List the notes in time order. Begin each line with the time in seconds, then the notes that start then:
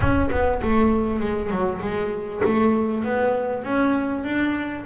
0.00 C#4
0.31 B3
0.61 A3
1.20 G#3
1.50 F#3
1.81 G#3
2.44 A3
3.03 B3
3.63 C#4
4.24 D4